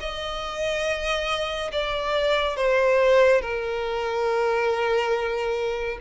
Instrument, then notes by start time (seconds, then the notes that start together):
violin
0.00 D#5
1.72 D5
2.57 C5
3.41 A#4